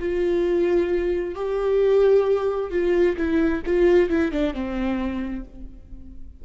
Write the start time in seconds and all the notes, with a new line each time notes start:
0.00 F4
1.36 G4
2.71 F4
3.17 E4
3.66 F4
4.10 E4
4.32 D4
4.54 C4